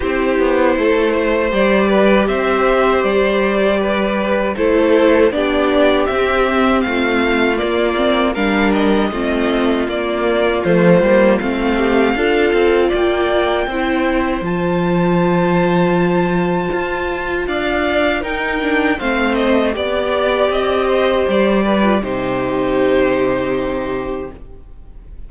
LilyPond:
<<
  \new Staff \with { instrumentName = "violin" } { \time 4/4 \tempo 4 = 79 c''2 d''4 e''4 | d''2 c''4 d''4 | e''4 f''4 d''4 f''8 dis''8~ | dis''4 d''4 c''4 f''4~ |
f''4 g''2 a''4~ | a''2. f''4 | g''4 f''8 dis''8 d''4 dis''4 | d''4 c''2. | }
  \new Staff \with { instrumentName = "violin" } { \time 4/4 g'4 a'8 c''4 b'8 c''4~ | c''4 b'4 a'4 g'4~ | g'4 f'2 ais'4 | f'2.~ f'8 g'8 |
a'4 d''4 c''2~ | c''2. d''4 | ais'4 c''4 d''4. c''8~ | c''8 b'8 g'2. | }
  \new Staff \with { instrumentName = "viola" } { \time 4/4 e'2 g'2~ | g'2 e'4 d'4 | c'2 ais8 c'8 d'4 | c'4 ais4 a8 ais8 c'4 |
f'2 e'4 f'4~ | f'1 | dis'8 d'8 c'4 g'2~ | g'8. f'16 dis'2. | }
  \new Staff \with { instrumentName = "cello" } { \time 4/4 c'8 b8 a4 g4 c'4 | g2 a4 b4 | c'4 a4 ais4 g4 | a4 ais4 f8 g8 a4 |
d'8 c'8 ais4 c'4 f4~ | f2 f'4 d'4 | dis'4 a4 b4 c'4 | g4 c2. | }
>>